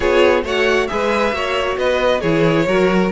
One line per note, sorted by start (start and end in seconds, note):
0.00 0.43 B3
0.00 0.44 F4
0.00 0.43 G#4
0.00 0.43 C#5
0.43 0.87 A3
0.43 0.89 F#4
0.43 0.88 C#5
0.43 0.87 F#5
0.87 1.32 G#3
0.87 1.32 G#4
0.87 1.35 B4
0.87 1.76 E5
1.32 1.76 A#3
1.32 2.21 F#4
1.32 1.77 C#5
1.77 2.22 B3
1.77 2.20 B4
1.77 2.21 D#5
2.20 2.67 E3
2.20 2.67 E4
2.20 2.65 G#4
2.20 3.09 C#5
2.67 3.11 F#3
2.67 3.11 F#4
2.67 3.12 A#4